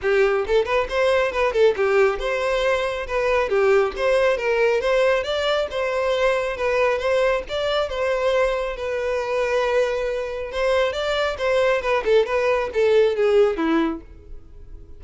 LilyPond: \new Staff \with { instrumentName = "violin" } { \time 4/4 \tempo 4 = 137 g'4 a'8 b'8 c''4 b'8 a'8 | g'4 c''2 b'4 | g'4 c''4 ais'4 c''4 | d''4 c''2 b'4 |
c''4 d''4 c''2 | b'1 | c''4 d''4 c''4 b'8 a'8 | b'4 a'4 gis'4 e'4 | }